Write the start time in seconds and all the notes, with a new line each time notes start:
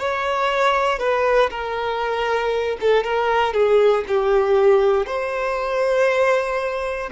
0.00 C#5
0.99 B4
1.51 A#4
2.81 A4
3.04 A#4
3.54 G#4
4.08 G4
5.07 C5